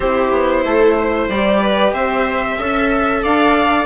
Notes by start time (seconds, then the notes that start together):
0.00 C4 E4 G4 C5
0.31 B3
0.65 A3 A4
0.98 C5
1.28 G3 G4 D5
1.61 B4
1.93 C4 C5 E5
2.58 C#4 A4 E5
3.22 D4 D5 F5